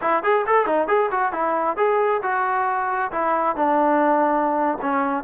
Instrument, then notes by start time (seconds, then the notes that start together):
trombone
0.01 E4
0.23 G#4
0.46 A4
0.65 D#4
0.87 G#4
1.11 F#4
1.32 E4
1.76 G#4
2.22 F#4
3.11 E4
3.56 D4
4.81 C#4